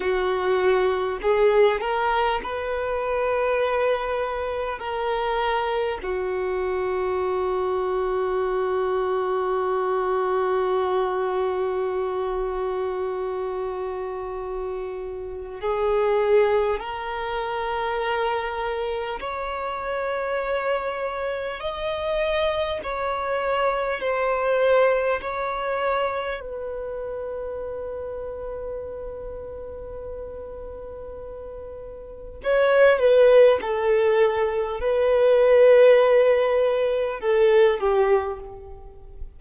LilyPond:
\new Staff \with { instrumentName = "violin" } { \time 4/4 \tempo 4 = 50 fis'4 gis'8 ais'8 b'2 | ais'4 fis'2.~ | fis'1~ | fis'4 gis'4 ais'2 |
cis''2 dis''4 cis''4 | c''4 cis''4 b'2~ | b'2. cis''8 b'8 | a'4 b'2 a'8 g'8 | }